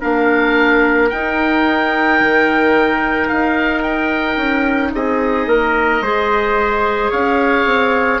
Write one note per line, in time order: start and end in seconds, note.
0.00 1.11 A#3
0.00 1.09 D4
0.00 4.91 A#4
0.00 1.09 F5
1.09 2.20 D#4
1.09 6.03 D#4
1.09 3.27 G5
2.20 3.29 D#3
3.27 4.37 D#4
3.27 3.82 F5
3.82 4.91 G5
4.37 4.91 C#4
4.94 5.46 C4
4.94 5.48 G#4
4.94 7.11 D#5
5.46 6.01 A#3
5.46 6.02 A#4
6.01 7.10 G#3
6.01 8.20 G#4
6.01 7.10 C5
7.10 7.65 C#4
7.10 8.19 C#5
7.10 8.20 F5
7.65 8.20 C4